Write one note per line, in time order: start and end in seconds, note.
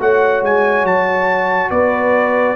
0.00 0.43 A3
0.00 2.57 F#4
0.00 1.71 C#5
0.00 0.44 F#5
0.43 0.84 G#3
0.43 0.87 G#5
0.84 1.70 F#3
0.84 1.71 A5
1.71 2.56 B3
1.71 2.57 B4
1.71 2.57 D5